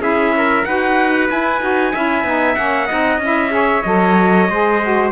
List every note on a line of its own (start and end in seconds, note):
0.00 0.64 C#4
0.00 0.64 E4
0.00 0.34 G#4
0.00 0.65 E5
0.37 0.68 A#4
0.65 1.30 D#4
0.65 1.29 F#4
0.65 1.93 B4
0.65 1.29 F#5
1.29 1.61 E4
1.29 1.62 E4
1.29 2.56 G#5
1.61 1.94 D#4
1.61 1.93 F#4
1.93 2.24 C#4
1.93 2.26 E4
1.93 2.87 E5
2.24 2.56 B3
2.24 2.57 D#4
2.56 2.90 A#3
2.56 2.89 C#4
2.56 3.20 F#5
2.87 3.19 C4
2.87 3.22 D#4
2.87 3.51 D#5
3.19 3.83 C#4
3.19 3.50 E4
3.26 3.83 E5
3.50 3.82 G#4
3.50 4.51 C#5
3.83 4.49 F#3
3.83 4.50 A4
3.83 5.11 D#5
4.49 5.13 G#3
4.49 4.82 G#4
4.49 5.13 C5
4.82 5.13 F#4